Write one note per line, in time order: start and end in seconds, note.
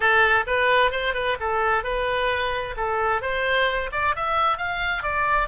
0.00 0.44 A4
0.46 0.91 B4
0.91 1.14 C5
1.14 1.37 B4
1.40 1.83 A4
1.83 2.75 B4
2.76 3.21 A4
3.21 3.90 C5
3.92 4.15 D5
4.15 4.57 E5
4.57 5.03 F5
5.03 5.48 D5